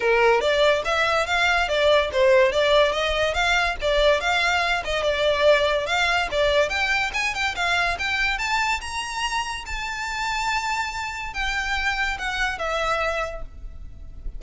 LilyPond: \new Staff \with { instrumentName = "violin" } { \time 4/4 \tempo 4 = 143 ais'4 d''4 e''4 f''4 | d''4 c''4 d''4 dis''4 | f''4 d''4 f''4. dis''8 | d''2 f''4 d''4 |
g''4 gis''8 g''8 f''4 g''4 | a''4 ais''2 a''4~ | a''2. g''4~ | g''4 fis''4 e''2 | }